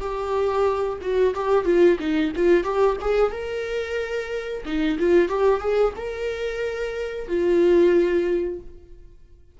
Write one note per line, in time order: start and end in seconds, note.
0.00 0.99 G4
1.01 1.34 F#4
1.34 1.65 G4
1.65 1.98 F4
1.99 2.32 D#4
2.35 2.63 F4
2.63 2.96 G4
3.01 3.31 G#4
3.31 4.63 A#4
4.65 4.98 D#4
4.99 5.28 F4
5.28 5.60 G4
5.60 5.93 G#4
5.96 7.28 A#4
7.28 8.60 F4